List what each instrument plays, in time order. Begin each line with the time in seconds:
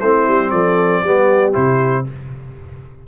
0.00 tuba A3, trombone C4, horn E4, trumpet C5
0.28 tuba G3
0.50 tuba F3, horn A4, trumpet D5
1.04 tuba G3, trombone B3, horn G4
1.53 tuba C3, trombone E4, trumpet C5